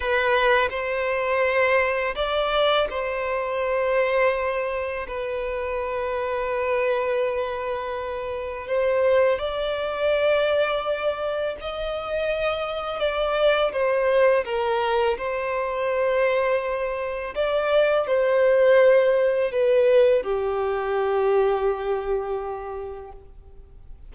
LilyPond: \new Staff \with { instrumentName = "violin" } { \time 4/4 \tempo 4 = 83 b'4 c''2 d''4 | c''2. b'4~ | b'1 | c''4 d''2. |
dis''2 d''4 c''4 | ais'4 c''2. | d''4 c''2 b'4 | g'1 | }